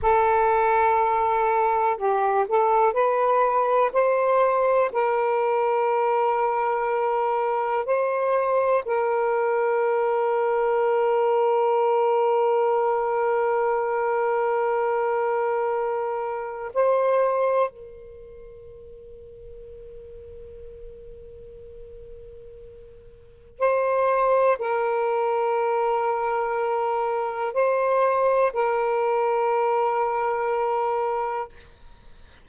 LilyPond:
\new Staff \with { instrumentName = "saxophone" } { \time 4/4 \tempo 4 = 61 a'2 g'8 a'8 b'4 | c''4 ais'2. | c''4 ais'2.~ | ais'1~ |
ais'4 c''4 ais'2~ | ais'1 | c''4 ais'2. | c''4 ais'2. | }